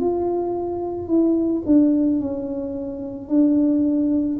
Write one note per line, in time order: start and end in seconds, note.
0.00 1.08 F4
1.08 1.62 E4
1.66 2.20 D4
2.20 3.29 C#4
3.29 4.38 D4